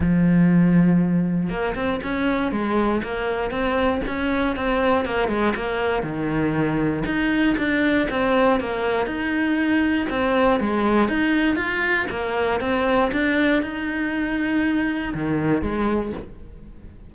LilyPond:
\new Staff \with { instrumentName = "cello" } { \time 4/4 \tempo 4 = 119 f2. ais8 c'8 | cis'4 gis4 ais4 c'4 | cis'4 c'4 ais8 gis8 ais4 | dis2 dis'4 d'4 |
c'4 ais4 dis'2 | c'4 gis4 dis'4 f'4 | ais4 c'4 d'4 dis'4~ | dis'2 dis4 gis4 | }